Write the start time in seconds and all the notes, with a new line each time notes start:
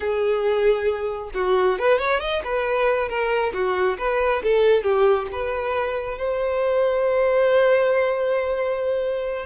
0.00 G#4
1.34 F#4
1.78 B4
1.98 C#5
2.20 D#5
2.44 B4
3.08 A#4
3.53 F#4
3.98 B4
4.43 A4
4.83 G4
5.32 B4
6.17 C5